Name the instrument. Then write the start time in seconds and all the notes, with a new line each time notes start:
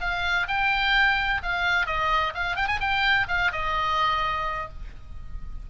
oboe
0.00 F5
0.48 G5
1.43 F5
1.86 D#5
2.34 F5
2.56 G5
2.67 G#5
2.80 G5
3.28 F5
3.52 D#5